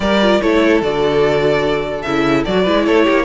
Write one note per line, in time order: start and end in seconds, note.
0.00 0.40 G3
0.00 0.18 G4
0.00 0.41 A#4
0.00 0.40 D5
0.22 0.42 F4
0.40 0.81 A3
0.40 0.82 E4
0.40 2.62 A4
0.40 0.81 C#5
0.81 2.04 D3
0.81 2.04 F#4
0.81 2.02 D5
2.02 2.46 C#3
2.02 2.47 E4
2.02 2.43 E5
2.45 2.66 F#3
2.45 2.65 F#4
2.45 2.86 D5
2.62 2.87 G#3
2.62 3.24 E4
2.62 2.82 B4
2.86 3.07 A3
2.86 3.04 A4
2.86 3.24 C#5
3.04 3.24 A#3
3.04 3.24 G4